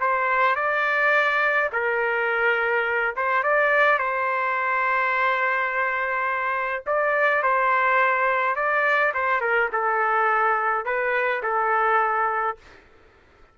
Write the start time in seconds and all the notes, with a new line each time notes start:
0.00 C5
0.56 D5
1.72 A#4
3.16 C5
3.43 D5
3.98 C5
6.86 D5
7.43 C5
8.56 D5
9.14 C5
9.41 A#4
9.73 A4
10.85 B4
11.43 A4